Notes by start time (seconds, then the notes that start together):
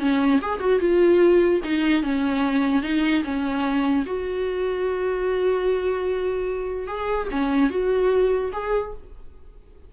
0.00 C#4
0.42 G#4
0.60 F#4
0.80 F4
1.64 D#4
2.03 C#4
2.83 D#4
3.25 C#4
4.07 F#4
6.88 G#4
7.31 C#4
7.70 F#4
8.53 G#4